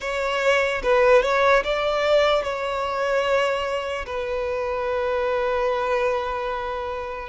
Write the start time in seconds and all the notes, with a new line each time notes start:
0.00 C#5
0.82 B4
1.22 C#5
1.64 D5
2.43 C#5
4.05 B4